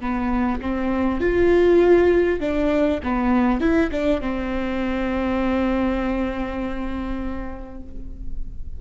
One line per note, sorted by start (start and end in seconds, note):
0.00 0.60 B3
0.61 1.20 C4
1.20 2.39 F4
2.39 2.99 D4
3.03 3.60 B3
3.60 3.90 E4
3.91 4.21 D4
4.21 7.81 C4